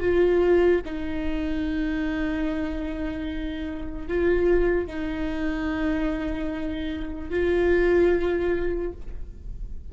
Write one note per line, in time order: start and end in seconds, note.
0.00 0.81 F4
0.85 4.08 D#4
4.08 4.87 F4
4.87 7.30 D#4
7.30 8.92 F4